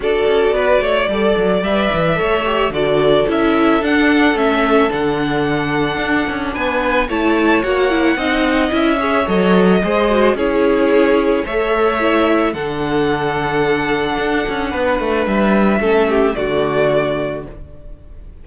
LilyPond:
<<
  \new Staff \with { instrumentName = "violin" } { \time 4/4 \tempo 4 = 110 d''2. e''4~ | e''4 d''4 e''4 fis''4 | e''4 fis''2. | gis''4 a''4 fis''2 |
e''4 dis''2 cis''4~ | cis''4 e''2 fis''4~ | fis''1 | e''2 d''2 | }
  \new Staff \with { instrumentName = "violin" } { \time 4/4 a'4 b'8 cis''8 d''2 | cis''4 a'2.~ | a'1 | b'4 cis''2 dis''4~ |
dis''8 cis''4. c''4 gis'4~ | gis'4 cis''2 a'4~ | a'2. b'4~ | b'4 a'8 g'8 fis'2 | }
  \new Staff \with { instrumentName = "viola" } { \time 4/4 fis'2 a'4 b'4 | a'8 g'8 fis'4 e'4 d'4 | cis'4 d'2.~ | d'4 e'4 fis'8 e'8 dis'4 |
e'8 gis'8 a'4 gis'8 fis'8 e'4~ | e'4 a'4 e'4 d'4~ | d'1~ | d'4 cis'4 a2 | }
  \new Staff \with { instrumentName = "cello" } { \time 4/4 d'8 cis'8 b8 a8 g8 fis8 g8 e8 | a4 d4 cis'4 d'4 | a4 d2 d'8 cis'8 | b4 a4 ais4 c'4 |
cis'4 fis4 gis4 cis'4~ | cis'4 a2 d4~ | d2 d'8 cis'8 b8 a8 | g4 a4 d2 | }
>>